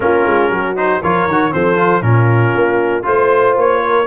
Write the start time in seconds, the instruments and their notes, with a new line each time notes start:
0.00 tuba A#3, trombone C#4, horn F4, trumpet A#4
0.25 tuba G#3
0.49 tuba F#3, horn F#4
0.76 trombone D#4, trumpet C5
1.01 tuba F3, trombone F4, horn A#4, trumpet C#5
1.27 tuba D#3, trombone F#4
1.51 tuba F3, trombone C4, horn A4, trumpet C5
1.76 trombone F4
2.01 tuba A#2, trombone C#4, horn F4, trumpet A#4
2.54 tuba A#3
3.03 tuba A3, trombone F4, trumpet C5, horn C5
3.56 tuba A#3, trumpet C#5
3.82 horn A#4